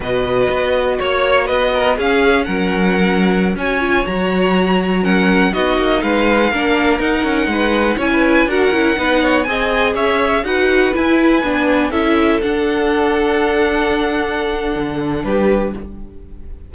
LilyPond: <<
  \new Staff \with { instrumentName = "violin" } { \time 4/4 \tempo 4 = 122 dis''2 cis''4 dis''4 | f''4 fis''2~ fis''16 gis''8.~ | gis''16 ais''2 fis''4 dis''8.~ | dis''16 f''2 fis''4.~ fis''16~ |
fis''16 gis''4 fis''2 gis''8.~ | gis''16 e''4 fis''4 gis''4.~ gis''16~ | gis''16 e''4 fis''2~ fis''8.~ | fis''2. b'4 | }
  \new Staff \with { instrumentName = "violin" } { \time 4/4 b'2 cis''4 b'8 ais'8 | gis'4 ais'2~ ais'16 cis''8.~ | cis''2~ cis''16 ais'4 fis'8.~ | fis'16 b'4 ais'2 b'8.~ |
b'16 cis''16 b'8. ais'4 b'8 cis''8 dis''8.~ | dis''16 cis''4 b'2~ b'8.~ | b'16 a'2.~ a'8.~ | a'2. g'4 | }
  \new Staff \with { instrumentName = "viola" } { \time 4/4 fis'1 | cis'2.~ cis'16 fis'8 f'16~ | f'16 fis'2 cis'4 dis'8.~ | dis'4~ dis'16 d'4 dis'4.~ dis'16~ |
dis'16 e'4 fis'8 e'8 dis'4 gis'8.~ | gis'4~ gis'16 fis'4 e'4 d'8.~ | d'16 e'4 d'2~ d'8.~ | d'1 | }
  \new Staff \with { instrumentName = "cello" } { \time 4/4 b,4 b4 ais4 b4 | cis'4 fis2~ fis16 cis'8.~ | cis'16 fis2. b8 ais16~ | ais16 gis4 ais4 dis'8 cis'8 gis8.~ |
gis16 cis'4 d'8 cis'8 b4 c'8.~ | c'16 cis'4 dis'4 e'4 b8.~ | b16 cis'4 d'2~ d'8.~ | d'2 d4 g4 | }
>>